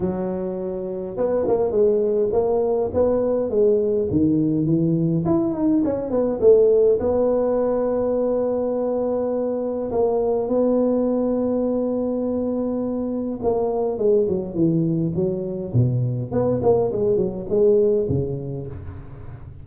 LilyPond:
\new Staff \with { instrumentName = "tuba" } { \time 4/4 \tempo 4 = 103 fis2 b8 ais8 gis4 | ais4 b4 gis4 dis4 | e4 e'8 dis'8 cis'8 b8 a4 | b1~ |
b4 ais4 b2~ | b2. ais4 | gis8 fis8 e4 fis4 b,4 | b8 ais8 gis8 fis8 gis4 cis4 | }